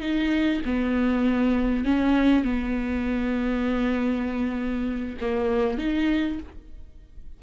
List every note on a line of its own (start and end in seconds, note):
0.00 0.61 D#4
0.65 1.84 B3
1.84 2.44 C#4
2.44 5.17 B3
5.20 5.78 A#3
5.78 6.38 D#4